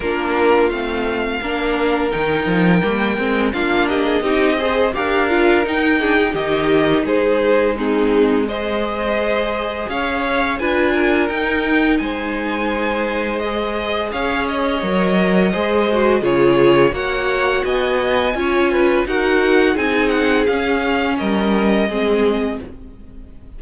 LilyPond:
<<
  \new Staff \with { instrumentName = "violin" } { \time 4/4 \tempo 4 = 85 ais'4 f''2 g''4~ | g''4 f''8 dis''4. f''4 | g''4 dis''4 c''4 gis'4 | dis''2 f''4 gis''4 |
g''4 gis''2 dis''4 | f''8 dis''2~ dis''8 cis''4 | fis''4 gis''2 fis''4 | gis''8 fis''8 f''4 dis''2 | }
  \new Staff \with { instrumentName = "violin" } { \time 4/4 f'2 ais'2~ | ais'4 f'8 g'16 gis'16 g'8 c''8 ais'4~ | ais'8 gis'8 g'4 gis'4 dis'4 | c''2 cis''4 b'8 ais'8~ |
ais'4 c''2. | cis''2 c''4 gis'4 | cis''4 dis''4 cis''8 b'8 ais'4 | gis'2 ais'4 gis'4 | }
  \new Staff \with { instrumentName = "viola" } { \time 4/4 d'4 c'4 d'4 dis'4 | ais8 c'8 d'4 dis'8 gis'8 g'8 f'8 | dis'8 d'16 dis'2~ dis'16 c'4 | gis'2. f'4 |
dis'2. gis'4~ | gis'4 ais'4 gis'8 fis'8 f'4 | fis'2 f'4 fis'4 | dis'4 cis'2 c'4 | }
  \new Staff \with { instrumentName = "cello" } { \time 4/4 ais4 a4 ais4 dis8 f8 | g8 gis8 ais4 c'4 d'4 | dis'4 dis4 gis2~ | gis2 cis'4 d'4 |
dis'4 gis2. | cis'4 fis4 gis4 cis4 | ais4 b4 cis'4 dis'4 | c'4 cis'4 g4 gis4 | }
>>